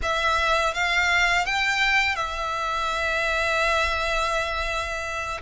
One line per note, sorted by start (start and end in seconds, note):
0.02 0.74 E5
0.74 1.45 F5
1.45 2.15 G5
2.15 5.40 E5